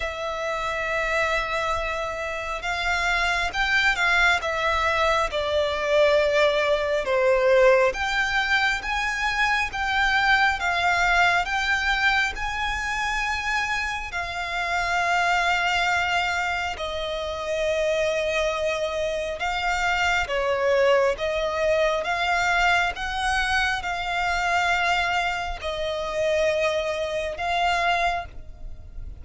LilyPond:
\new Staff \with { instrumentName = "violin" } { \time 4/4 \tempo 4 = 68 e''2. f''4 | g''8 f''8 e''4 d''2 | c''4 g''4 gis''4 g''4 | f''4 g''4 gis''2 |
f''2. dis''4~ | dis''2 f''4 cis''4 | dis''4 f''4 fis''4 f''4~ | f''4 dis''2 f''4 | }